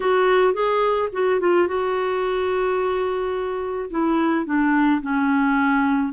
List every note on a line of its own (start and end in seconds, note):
0.00 0.53 F#4
0.53 1.09 G#4
1.12 1.39 F#4
1.39 1.67 F4
1.67 3.90 F#4
3.90 4.45 E4
4.45 5.01 D4
5.01 6.12 C#4